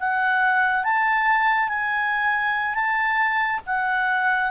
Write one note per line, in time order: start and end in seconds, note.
0.00 0.84 F#5
0.84 1.69 A5
1.69 2.75 G#5
2.75 3.60 A5
3.66 4.51 F#5